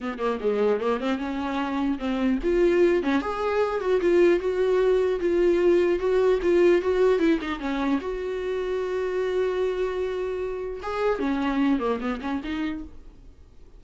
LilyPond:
\new Staff \with { instrumentName = "viola" } { \time 4/4 \tempo 4 = 150 b8 ais8 gis4 ais8 c'8 cis'4~ | cis'4 c'4 f'4. cis'8 | gis'4. fis'8 f'4 fis'4~ | fis'4 f'2 fis'4 |
f'4 fis'4 e'8 dis'8 cis'4 | fis'1~ | fis'2. gis'4 | cis'4. ais8 b8 cis'8 dis'4 | }